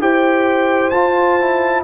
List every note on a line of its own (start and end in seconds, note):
0.00 0.92 E4
0.00 0.92 G4
0.00 1.85 C5
0.00 0.90 G5
0.90 1.85 F4
0.90 1.40 F4
0.90 1.83 A5
1.40 1.85 E4